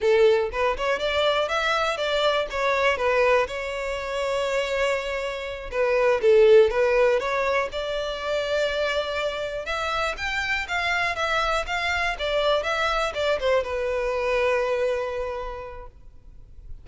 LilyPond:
\new Staff \with { instrumentName = "violin" } { \time 4/4 \tempo 4 = 121 a'4 b'8 cis''8 d''4 e''4 | d''4 cis''4 b'4 cis''4~ | cis''2.~ cis''8 b'8~ | b'8 a'4 b'4 cis''4 d''8~ |
d''2.~ d''8 e''8~ | e''8 g''4 f''4 e''4 f''8~ | f''8 d''4 e''4 d''8 c''8 b'8~ | b'1 | }